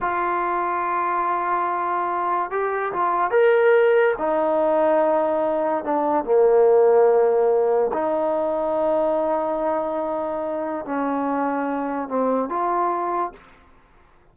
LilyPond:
\new Staff \with { instrumentName = "trombone" } { \time 4/4 \tempo 4 = 144 f'1~ | f'2 g'4 f'4 | ais'2 dis'2~ | dis'2 d'4 ais4~ |
ais2. dis'4~ | dis'1~ | dis'2 cis'2~ | cis'4 c'4 f'2 | }